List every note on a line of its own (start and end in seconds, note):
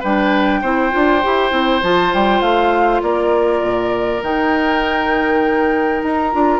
0.00 0.62 G3
0.00 0.64 D4
0.00 0.60 B4
0.00 1.83 G5
0.62 0.92 C4
0.62 0.91 E4
0.62 3.02 C5
0.91 1.25 D4
0.91 1.21 F4
1.23 1.52 E4
1.23 1.51 G4
1.51 1.82 C4
1.51 1.81 E4
1.82 2.12 F3
1.82 4.23 F4
1.82 2.13 A5
2.14 2.41 G3
2.14 2.41 G5
2.41 3.01 A3
2.41 3.01 F5
3.02 3.62 A#3
3.02 6.59 A#4
3.02 4.22 D5
3.62 4.22 A#2
4.22 6.02 D#3
4.22 6.32 D#4
4.22 6.03 G5
6.03 6.33 D#4
6.03 6.59 A#5
6.32 6.59 D4
6.32 6.59 F4